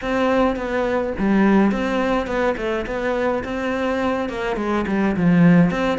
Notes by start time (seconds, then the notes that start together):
0.01 C4
0.56 B3
1.18 G3
1.71 C4
2.26 B3
2.57 A3
2.86 B3
3.44 C4
4.29 A#3
4.56 G#3
4.87 G3
5.16 F3
5.70 C4